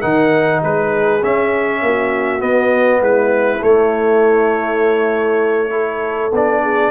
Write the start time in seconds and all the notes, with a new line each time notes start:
0.00 D#3 D#4 A#4 F#5
0.61 G#3 G#4 B4
1.22 C#4 E5
1.82 A#3 F#4
2.39 B3 D#5
3.00 G#3 E4 B4
3.61 A3 C#5
5.70 E4 A4
6.32 B3 D4 D5
6.62 G#4